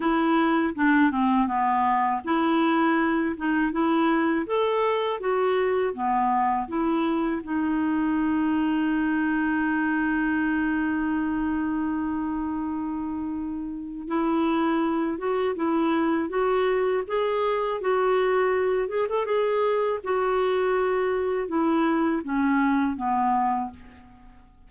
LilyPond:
\new Staff \with { instrumentName = "clarinet" } { \time 4/4 \tempo 4 = 81 e'4 d'8 c'8 b4 e'4~ | e'8 dis'8 e'4 a'4 fis'4 | b4 e'4 dis'2~ | dis'1~ |
dis'2. e'4~ | e'8 fis'8 e'4 fis'4 gis'4 | fis'4. gis'16 a'16 gis'4 fis'4~ | fis'4 e'4 cis'4 b4 | }